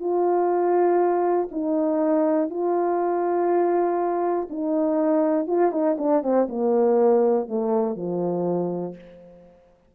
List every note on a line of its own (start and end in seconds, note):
0.00 1.49 F4
1.51 2.50 D#4
2.50 4.48 F4
4.50 5.47 D#4
5.47 5.72 F4
5.72 5.96 D#4
5.98 6.23 D4
6.23 6.48 C4
6.49 7.48 A#3
7.48 7.96 A3
7.96 8.95 F3